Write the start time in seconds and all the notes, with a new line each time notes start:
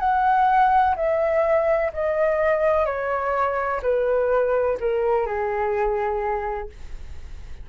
0.00 F#5
0.97 E5
1.94 D#5
2.86 C#5
3.83 B4
4.81 A#4
5.27 G#4